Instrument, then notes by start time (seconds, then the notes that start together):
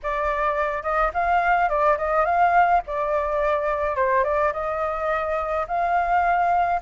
flute
0.02 D5
0.82 D#5
1.13 F5
1.69 D5
1.97 D#5
2.25 F5
2.86 D5
3.96 C5
4.24 D5
4.53 D#5
5.67 F5